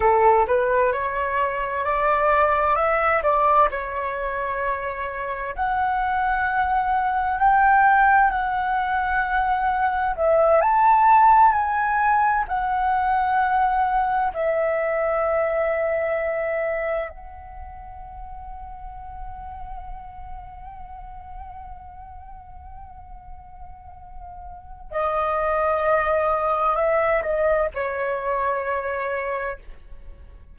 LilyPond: \new Staff \with { instrumentName = "flute" } { \time 4/4 \tempo 4 = 65 a'8 b'8 cis''4 d''4 e''8 d''8 | cis''2 fis''2 | g''4 fis''2 e''8 a''8~ | a''8 gis''4 fis''2 e''8~ |
e''2~ e''8 fis''4.~ | fis''1~ | fis''2. dis''4~ | dis''4 e''8 dis''8 cis''2 | }